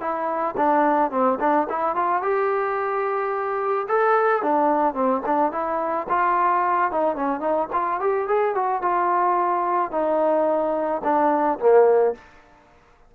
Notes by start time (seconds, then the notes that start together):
0.00 E4
0.57 D4
1.11 C4
1.40 D4
1.69 E4
1.95 F4
2.22 G4
3.88 A4
4.43 D4
4.94 C4
5.26 D4
5.52 E4
6.09 F4
6.91 D#4
7.16 C#4
7.40 D#4
7.73 F4
8.00 G4
8.27 G#4
8.55 F#4
8.81 F4
9.91 D#4
11.04 D4
11.59 A#3